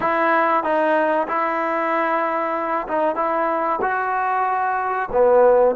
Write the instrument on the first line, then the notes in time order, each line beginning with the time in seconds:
trombone
0.00 E4
0.63 D#4
1.27 E4
2.87 D#4
3.15 E4
3.81 F#4
5.11 B3